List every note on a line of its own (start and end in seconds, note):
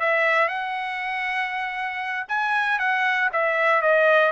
0.00 0.48 E5
0.48 2.26 F#5
2.29 2.79 G#5
2.79 3.30 F#5
3.33 3.82 E5
3.82 4.32 D#5